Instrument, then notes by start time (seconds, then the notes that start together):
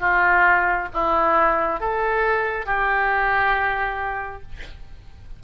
oboe
0.00 F4
0.93 E4
1.80 A4
2.66 G4